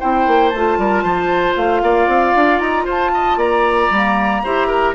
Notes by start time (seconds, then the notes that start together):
0.00 C4 E4 C5 G5
0.27 A#3
0.50 A3 A5
0.57 F4
0.78 G3 A#4
1.03 F3 C5
1.57 A3 F5
1.83 A#3 D5
2.08 C4
2.35 D4
2.60 D#4 A#5
2.85 F4 C5 A5
3.14 D#5
3.37 A#3 D5 A#5
3.90 G3 A#3
4.44 E4 G4 C5
4.68 A#4